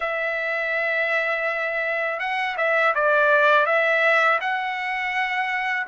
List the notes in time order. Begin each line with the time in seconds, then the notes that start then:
0.00 E5
2.19 F#5
2.57 E5
2.95 D5
3.66 E5
4.40 F#5